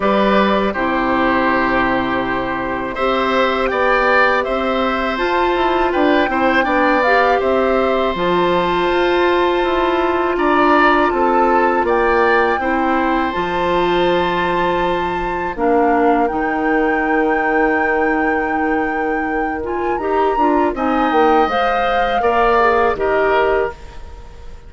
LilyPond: <<
  \new Staff \with { instrumentName = "flute" } { \time 4/4 \tempo 4 = 81 d''4 c''2. | e''4 g''4 e''4 a''4 | g''4. f''8 e''4 a''4~ | a''2 ais''4 a''4 |
g''2 a''2~ | a''4 f''4 g''2~ | g''2~ g''8 gis''8 ais''4 | gis''8 g''8 f''2 dis''4 | }
  \new Staff \with { instrumentName = "oboe" } { \time 4/4 b'4 g'2. | c''4 d''4 c''2 | b'8 c''8 d''4 c''2~ | c''2 d''4 a'4 |
d''4 c''2.~ | c''4 ais'2.~ | ais'1 | dis''2 d''4 ais'4 | }
  \new Staff \with { instrumentName = "clarinet" } { \time 4/4 g'4 e'2. | g'2. f'4~ | f'8 e'8 d'8 g'4. f'4~ | f'1~ |
f'4 e'4 f'2~ | f'4 d'4 dis'2~ | dis'2~ dis'8 f'8 g'8 f'8 | dis'4 c''4 ais'8 gis'8 g'4 | }
  \new Staff \with { instrumentName = "bassoon" } { \time 4/4 g4 c2. | c'4 b4 c'4 f'8 e'8 | d'8 c'8 b4 c'4 f4 | f'4 e'4 d'4 c'4 |
ais4 c'4 f2~ | f4 ais4 dis2~ | dis2. dis'8 d'8 | c'8 ais8 gis4 ais4 dis4 | }
>>